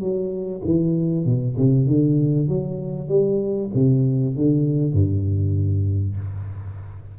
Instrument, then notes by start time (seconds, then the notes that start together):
tuba
0.00 F#3
0.65 E3
1.25 B2
1.57 C3
1.87 D3
2.48 F#3
3.09 G3
3.75 C3
4.36 D3
4.93 G2